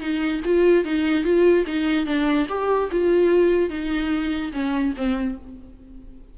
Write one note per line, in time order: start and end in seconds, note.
0.00 0.41 D#4
0.45 0.84 F4
0.84 1.24 D#4
1.24 1.65 F4
1.67 2.06 D#4
2.06 2.47 D4
2.49 2.90 G4
2.91 3.69 F4
3.69 4.52 D#4
4.53 4.94 C#4
4.97 5.38 C4